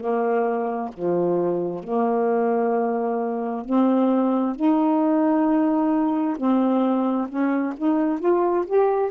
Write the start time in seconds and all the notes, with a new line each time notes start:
0.00 A#3
0.93 F3
1.83 A#3
3.64 C4
4.55 D#4
6.37 C4
7.28 C#4
7.77 D#4
8.19 F4
8.67 G4